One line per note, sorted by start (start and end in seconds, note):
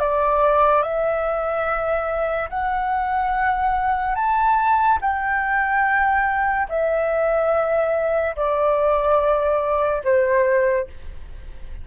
0.00 0.83 D5
0.83 2.50 E5
2.50 4.16 F#5
4.16 4.99 A5
5.02 6.68 G5
6.69 8.36 E5
8.36 10.03 D5
10.04 10.87 C5